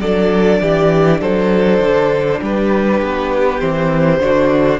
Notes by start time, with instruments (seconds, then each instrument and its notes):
0.00 cello F#3, viola D4, violin A4 D5
0.61 cello E3, violin G4
1.20 cello F#3, violin A4 C5
1.80 cello D3
2.42 cello G3, violin G4 B4
3.02 cello B3
3.59 cello E3, viola C4, violin C5
4.20 cello D3, viola D4, violin F#4